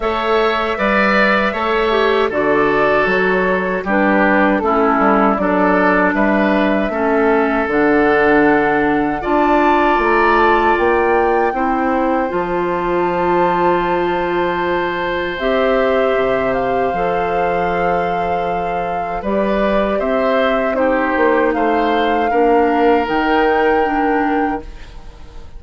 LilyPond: <<
  \new Staff \with { instrumentName = "flute" } { \time 4/4 \tempo 4 = 78 e''2. d''4 | cis''4 b'4 a'4 d''4 | e''2 fis''2 | a''4 ais''8 a''8 g''2 |
a''1 | e''4. f''2~ f''8~ | f''4 d''4 e''4 c''4 | f''2 g''2 | }
  \new Staff \with { instrumentName = "oboe" } { \time 4/4 cis''4 d''4 cis''4 a'4~ | a'4 g'4 e'4 a'4 | b'4 a'2. | d''2. c''4~ |
c''1~ | c''1~ | c''4 b'4 c''4 g'4 | c''4 ais'2. | }
  \new Staff \with { instrumentName = "clarinet" } { \time 4/4 a'4 b'4 a'8 g'8 fis'4~ | fis'4 d'4 cis'4 d'4~ | d'4 cis'4 d'2 | f'2. e'4 |
f'1 | g'2 a'2~ | a'4 g'2 dis'4~ | dis'4 d'4 dis'4 d'4 | }
  \new Staff \with { instrumentName = "bassoon" } { \time 4/4 a4 g4 a4 d4 | fis4 g4 a8 g8 fis4 | g4 a4 d2 | d'4 a4 ais4 c'4 |
f1 | c'4 c4 f2~ | f4 g4 c'4. ais8 | a4 ais4 dis2 | }
>>